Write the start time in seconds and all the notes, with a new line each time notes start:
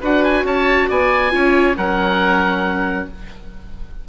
0.00 D4 F#4 B4 F#5
0.23 G#5
0.43 C#4 C#5 A5
0.88 B3 D5 G#5
1.30 C#4 F4 C#5
1.77 F#3 C#4 A#4 F#5